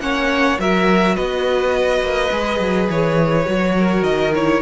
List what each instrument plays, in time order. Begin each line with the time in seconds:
0.00 cello A#3, viola C#4, violin C#5 F#5
0.57 cello F#3, viola F#4, violin A#4 E5
1.14 cello B3, violin B4 D#5
2.01 cello A#3
2.31 cello G#3, viola G#4
2.59 cello F#3
2.89 cello E3, violin C#5
3.45 cello F#3, viola F#4
3.77 violin A#4
4.02 cello D#3, violin D#5
4.34 viola E4, violin C#5